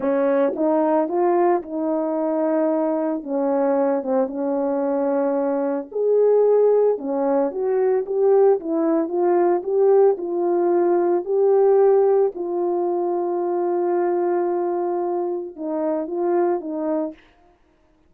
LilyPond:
\new Staff \with { instrumentName = "horn" } { \time 4/4 \tempo 4 = 112 cis'4 dis'4 f'4 dis'4~ | dis'2 cis'4. c'8 | cis'2. gis'4~ | gis'4 cis'4 fis'4 g'4 |
e'4 f'4 g'4 f'4~ | f'4 g'2 f'4~ | f'1~ | f'4 dis'4 f'4 dis'4 | }